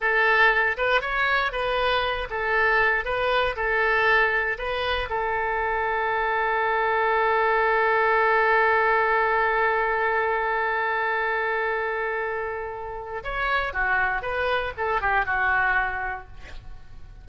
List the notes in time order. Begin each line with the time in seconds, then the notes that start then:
0.00 A4
0.77 B4
1.01 C#5
1.51 B4
2.30 A4
3.04 B4
3.56 A4
4.58 B4
5.09 A4
13.23 C#5
13.73 F#4
14.22 B4
14.77 A4
15.01 G4
15.25 F#4